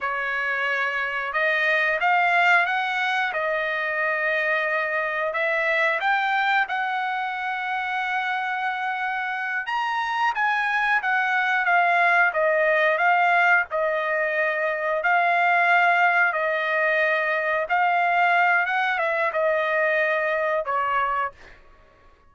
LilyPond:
\new Staff \with { instrumentName = "trumpet" } { \time 4/4 \tempo 4 = 90 cis''2 dis''4 f''4 | fis''4 dis''2. | e''4 g''4 fis''2~ | fis''2~ fis''8 ais''4 gis''8~ |
gis''8 fis''4 f''4 dis''4 f''8~ | f''8 dis''2 f''4.~ | f''8 dis''2 f''4. | fis''8 e''8 dis''2 cis''4 | }